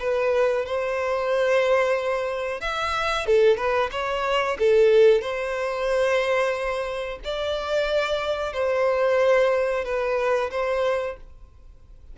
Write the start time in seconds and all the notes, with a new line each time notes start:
0.00 B4
0.66 C5
2.61 E5
3.26 A4
3.57 B4
3.92 C#5
4.59 A4
5.21 C5
7.24 D5
8.53 C5
9.85 B4
10.51 C5